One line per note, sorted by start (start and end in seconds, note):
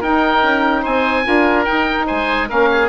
0.00 0.42 D#4
0.00 1.23 D#4
0.00 0.82 A#4
0.00 0.85 G5
0.42 0.84 C#4
0.82 1.26 C4
0.82 1.23 C5
0.82 1.64 G#5
1.23 1.67 D4
1.23 1.64 F4
1.23 2.07 A#4
1.64 2.47 D#4
1.64 2.08 D#4
1.64 2.05 G5
2.07 2.50 G#3
2.07 2.48 C5
2.07 2.48 G#5
2.47 2.88 A#3
2.47 2.88 C#4
2.47 2.69 A#4
2.47 2.88 F5
2.71 2.88 G#4